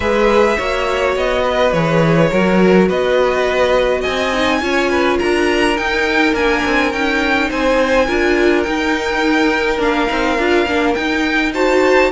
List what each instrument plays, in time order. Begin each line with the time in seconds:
0.00 cello G#3, viola G#4, violin B4 E5
0.56 cello A#3, viola F#4, violin C#5
1.16 cello B3, violin D#5
1.42 violin B4
1.72 cello E3, viola G#4, violin C#5
2.30 cello F#3, viola F#4, violin A#4
2.88 cello B3, violin B4 D#5
4.00 cello C4, violin D#5 G#5
4.33 viola D#4
4.61 cello C#4, viola F4, violin C#5
4.90 violin B4
5.17 cello D4, violin A#4 A#5
5.76 viola D#4, cello D#4, violin G5
6.33 cello A#3, viola D4, violin G#5
6.65 cello C4
6.92 cello C#4, viola D#4, violin G5
7.49 cello C4, violin C5 G#5
8.06 cello D4, viola F4, violin A#4
8.62 viola D#4, cello D#4, violin G5
9.78 cello A#3, viola D4, violin F5
10.07 cello C4, viola D#4
10.37 cello D4, viola F4
10.66 cello A#3, viola D4
10.94 viola D#4, cello D#4, violin G5
11.53 viola F#4, violin C5 A5